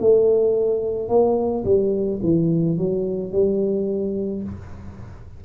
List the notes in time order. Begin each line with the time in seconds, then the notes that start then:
0.00 A3
1.09 A#3
1.65 G3
2.23 E3
2.78 F#3
3.32 G3